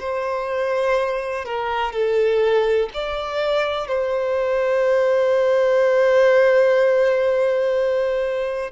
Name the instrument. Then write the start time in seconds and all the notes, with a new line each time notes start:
violin
0.00 C5
1.46 A#4
1.93 A4
2.94 D5
3.88 C5